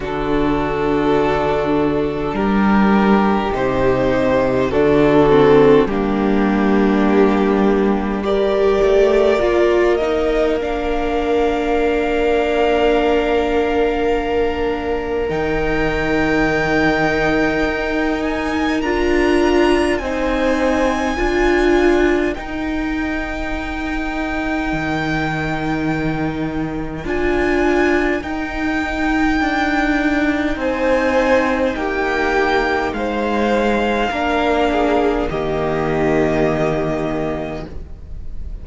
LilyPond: <<
  \new Staff \with { instrumentName = "violin" } { \time 4/4 \tempo 4 = 51 a'2 ais'4 c''4 | a'4 g'2 d''4~ | d''8 dis''8 f''2.~ | f''4 g''2~ g''8 gis''8 |
ais''4 gis''2 g''4~ | g''2. gis''4 | g''2 gis''4 g''4 | f''2 dis''2 | }
  \new Staff \with { instrumentName = "violin" } { \time 4/4 fis'2 g'2 | fis'4 d'2 ais'4~ | ais'1~ | ais'1~ |
ais'4 c''4 ais'2~ | ais'1~ | ais'2 c''4 g'4 | c''4 ais'8 gis'8 g'2 | }
  \new Staff \with { instrumentName = "viola" } { \time 4/4 d'2. dis'4 | d'8 c'8 ais2 g'4 | f'8 dis'8 d'2.~ | d'4 dis'2. |
f'4 dis'4 f'4 dis'4~ | dis'2. f'4 | dis'1~ | dis'4 d'4 ais2 | }
  \new Staff \with { instrumentName = "cello" } { \time 4/4 d2 g4 c4 | d4 g2~ g8 a8 | ais1~ | ais4 dis2 dis'4 |
d'4 c'4 d'4 dis'4~ | dis'4 dis2 d'4 | dis'4 d'4 c'4 ais4 | gis4 ais4 dis2 | }
>>